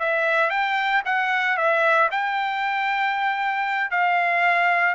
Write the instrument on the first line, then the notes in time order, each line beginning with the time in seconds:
trumpet
0.00 E5
0.50 G5
1.05 F#5
1.57 E5
2.12 G5
3.91 F5